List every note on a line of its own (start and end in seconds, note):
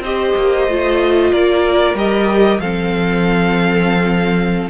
0.00 0.32 C4
0.00 0.69 G4
0.00 1.32 C5
0.00 1.33 D#5
0.36 0.68 A#3
0.68 1.32 A3
0.68 1.96 F4
1.32 1.94 A#3
1.32 2.61 A#4
1.32 1.97 D5
1.94 2.59 G3
1.94 2.61 G4
1.94 2.60 D#5
2.59 4.69 F3
2.59 4.70 C4
2.59 4.70 A4
2.59 4.70 F5